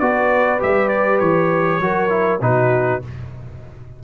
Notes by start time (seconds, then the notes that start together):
0.00 B3 F#4 B4 D5
0.60 G3 G4 E5
0.89 D5
1.20 E3 C#5
1.81 F#3 F#4 A#4
2.09 E4
2.42 B2 D#4 F#4 B4